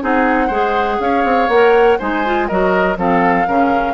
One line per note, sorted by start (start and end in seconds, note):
0.00 0.49 C4
0.00 0.49 D#4
0.00 0.47 G#4
0.00 1.00 F#5
0.47 0.98 G#3
0.47 1.49 G#4
0.47 0.96 C5
0.99 1.24 C#4
0.99 1.98 C#5
0.99 1.49 F5
1.24 1.48 C4
1.48 1.97 A#3
1.48 2.00 A#4
1.48 1.98 F#5
1.98 2.50 G#3
1.98 2.24 D#4
1.98 2.48 C5
1.98 2.47 G#5
2.25 2.49 F4
2.47 2.97 F#3
2.47 2.96 F#4
2.47 2.97 A#4
2.47 2.96 D#5
2.96 3.46 F3
2.96 3.45 C4
2.96 3.47 A4
2.96 3.93 F5
3.47 3.93 C#3
3.47 3.93 C#4
3.47 3.93 A#4